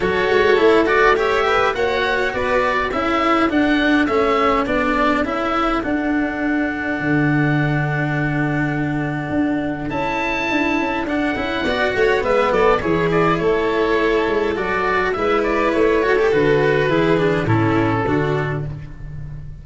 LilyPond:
<<
  \new Staff \with { instrumentName = "oboe" } { \time 4/4 \tempo 4 = 103 cis''4. d''8 e''4 fis''4 | d''4 e''4 fis''4 e''4 | d''4 e''4 fis''2~ | fis''1~ |
fis''4 a''2 fis''4~ | fis''4 e''8 d''8 cis''8 d''8 cis''4~ | cis''4 d''4 e''8 d''8 cis''4 | b'2 a'2 | }
  \new Staff \with { instrumentName = "violin" } { \time 4/4 a'2 cis''8 b'8 cis''4 | b'4 a'2.~ | a'1~ | a'1~ |
a'1 | d''8 cis''8 b'8 a'8 gis'4 a'4~ | a'2 b'4. a'8~ | a'4 gis'4 e'4 fis'4 | }
  \new Staff \with { instrumentName = "cello" } { \time 4/4 fis'4 e'8 fis'8 g'4 fis'4~ | fis'4 e'4 d'4 cis'4 | d'4 e'4 d'2~ | d'1~ |
d'4 e'2 d'8 e'8 | fis'4 b4 e'2~ | e'4 fis'4 e'4. fis'16 g'16 | fis'4 e'8 d'8 cis'4 d'4 | }
  \new Staff \with { instrumentName = "tuba" } { \time 4/4 fis8 gis8 a2 ais4 | b4 cis'4 d'4 a4 | b4 cis'4 d'2 | d1 |
d'4 cis'4 d'8 cis'8 d'8 cis'8 | b8 a8 gis8 fis8 e4 a4~ | a8 gis8 fis4 gis4 a4 | d4 e4 a,4 d4 | }
>>